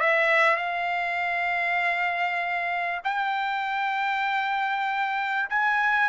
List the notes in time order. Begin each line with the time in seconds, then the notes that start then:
0.00 E5
0.56 F5
3.04 G5
5.50 G#5